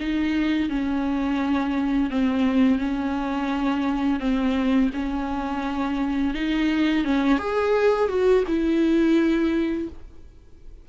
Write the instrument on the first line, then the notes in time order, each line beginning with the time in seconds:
viola
0.00 D#4
0.70 C#4
2.10 C4
2.79 C#4
4.20 C4
4.94 C#4
6.35 D#4
7.05 C#4
7.39 G#4
8.09 F#4
8.48 E4